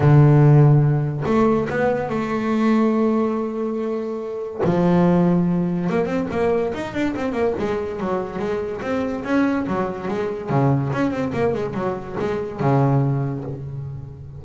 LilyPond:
\new Staff \with { instrumentName = "double bass" } { \time 4/4 \tempo 4 = 143 d2. a4 | b4 a2.~ | a2. f4~ | f2 ais8 c'8 ais4 |
dis'8 d'8 c'8 ais8 gis4 fis4 | gis4 c'4 cis'4 fis4 | gis4 cis4 cis'8 c'8 ais8 gis8 | fis4 gis4 cis2 | }